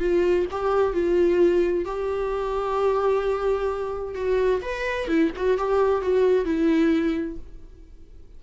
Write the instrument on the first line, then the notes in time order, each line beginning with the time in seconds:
viola
0.00 F4
0.51 G4
0.94 F4
1.85 G4
4.15 F#4
4.62 B4
5.08 E4
5.36 F#4
5.58 G4
6.02 F#4
6.45 E4